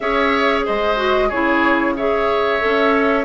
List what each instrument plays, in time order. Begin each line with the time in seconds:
0.00 bassoon C#4, clarinet G#4, oboe C#5, flute E5
0.65 bassoon G#3, oboe C5, flute D#5
0.96 clarinet F#4
1.28 bassoon C#3, clarinet E4, oboe G#4, flute C#5
1.96 clarinet G#4, oboe C#5, flute E5
2.60 bassoon C#4, clarinet A4